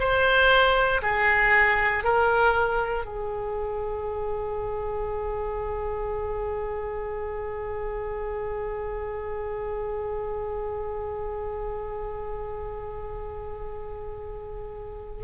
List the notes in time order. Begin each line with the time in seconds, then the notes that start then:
0.00 C5
1.02 G#4
2.04 A#4
3.05 G#4